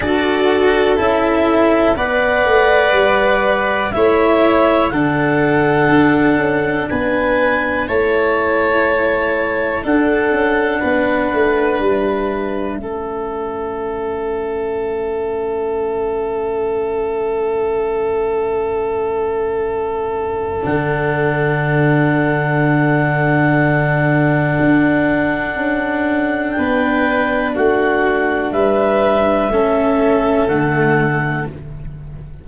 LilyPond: <<
  \new Staff \with { instrumentName = "clarinet" } { \time 4/4 \tempo 4 = 61 d''4 e''4 fis''2 | e''4 fis''2 gis''4 | a''2 fis''2 | e''1~ |
e''1~ | e''4 fis''2.~ | fis''2. g''4 | fis''4 e''2 fis''4 | }
  \new Staff \with { instrumentName = "violin" } { \time 4/4 a'2 d''2 | cis''4 a'2 b'4 | cis''2 a'4 b'4~ | b'4 a'2.~ |
a'1~ | a'1~ | a'2. b'4 | fis'4 b'4 a'2 | }
  \new Staff \with { instrumentName = "cello" } { \time 4/4 fis'4 e'4 b'2 | e'4 d'2. | e'2 d'2~ | d'4 cis'2.~ |
cis'1~ | cis'4 d'2.~ | d'1~ | d'2 cis'4 a4 | }
  \new Staff \with { instrumentName = "tuba" } { \time 4/4 d'4 cis'4 b8 a8 g4 | a4 d4 d'8 cis'8 b4 | a2 d'8 cis'8 b8 a8 | g4 a2.~ |
a1~ | a4 d2.~ | d4 d'4 cis'4 b4 | a4 g4 a4 d4 | }
>>